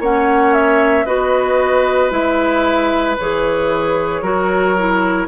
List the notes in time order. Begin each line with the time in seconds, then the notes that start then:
0.00 A#3 C#4 C#5 F#5
0.54 E5
1.05 B3 F#4 B4 D#5
2.11 G#3 E4 E5
3.19 E3 G#4 C#5
4.21 F#3 F#4 A#4
4.78 E4